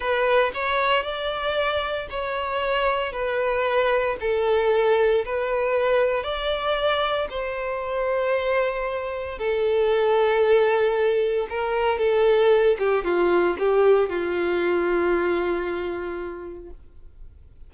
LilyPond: \new Staff \with { instrumentName = "violin" } { \time 4/4 \tempo 4 = 115 b'4 cis''4 d''2 | cis''2 b'2 | a'2 b'2 | d''2 c''2~ |
c''2 a'2~ | a'2 ais'4 a'4~ | a'8 g'8 f'4 g'4 f'4~ | f'1 | }